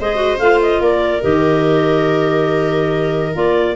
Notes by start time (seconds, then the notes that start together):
0.00 G#3 G#4 C5 D#5
0.16 F#4
0.39 A3 F4 F5
0.62 D#5
0.80 A#3 A#4 D5
1.22 D#3 G4 D#5
3.34 A#3 F4 D5